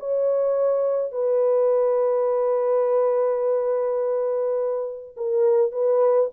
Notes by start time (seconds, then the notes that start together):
0.00 C#5
1.12 B4
5.17 A#4
5.72 B4